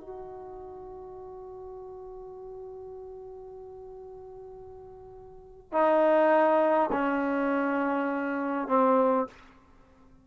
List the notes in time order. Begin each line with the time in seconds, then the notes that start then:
0.00 F#4
5.72 D#4
6.92 C#4
8.68 C4